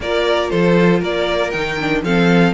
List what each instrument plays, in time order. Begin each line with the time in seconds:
0.00 cello A#3, viola F4, violin A#4 D5
0.50 cello F3, violin A4 C5
0.99 cello A#3, violin A#4 D5
1.50 cello D#3, viola D#4, violin G5
1.80 viola D4
2.03 cello F3, viola C4, violin A4 F5